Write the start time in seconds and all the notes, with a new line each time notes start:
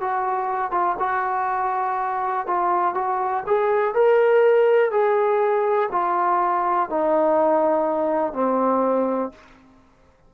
0.00 F#4
0.71 F4
0.99 F#4
2.47 F4
2.94 F#4
3.47 G#4
3.94 A#4
4.91 G#4
5.92 F4
6.89 D#4
8.33 C4